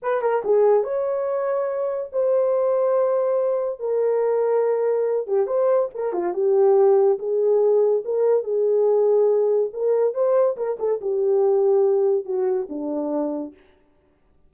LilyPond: \new Staff \with { instrumentName = "horn" } { \time 4/4 \tempo 4 = 142 b'8 ais'8 gis'4 cis''2~ | cis''4 c''2.~ | c''4 ais'2.~ | ais'8 g'8 c''4 ais'8 f'8 g'4~ |
g'4 gis'2 ais'4 | gis'2. ais'4 | c''4 ais'8 a'8 g'2~ | g'4 fis'4 d'2 | }